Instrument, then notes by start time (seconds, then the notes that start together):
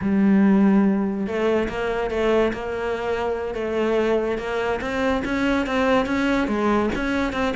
cello
0.01 G3
1.26 A3
1.69 A#3
2.10 A3
2.53 A#3
3.54 A3
4.38 A#3
4.81 C4
5.24 C#4
5.66 C4
6.06 C#4
6.47 G#3
6.95 C#4
7.32 C4